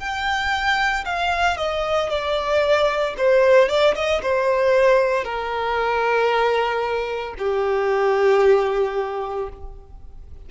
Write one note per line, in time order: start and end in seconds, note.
0.00 1.05 G5
1.06 1.57 F5
1.57 2.10 D#5
2.10 3.15 D5
3.18 3.69 C5
3.69 3.95 D5
3.96 4.22 D#5
4.22 5.24 C5
5.24 7.35 A#4
7.39 9.49 G4